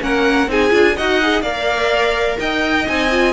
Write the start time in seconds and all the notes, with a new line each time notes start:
0.00 A#3 C#4 A#4 F#5
0.47 C4 D#4 G#4 G#5
0.69 D4 F4
0.95 D#4 F#4 D#5 F#5
1.22 G#4
1.41 A#3 A#4 D5 F5
2.39 D#4 D#5 G5
2.85 C4 D#4 G#5
3.11 F4